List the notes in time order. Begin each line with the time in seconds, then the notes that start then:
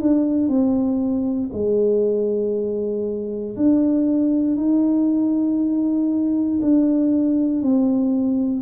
0.00 D4
0.48 C4
1.52 G#3
3.56 D4
4.56 D#4
6.61 D4
7.62 C4